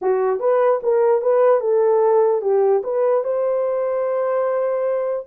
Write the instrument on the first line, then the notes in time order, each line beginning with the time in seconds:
horn
0.01 F#4
0.39 B4
0.82 A#4
1.21 B4
1.60 A4
2.41 G4
2.83 B4
3.24 C5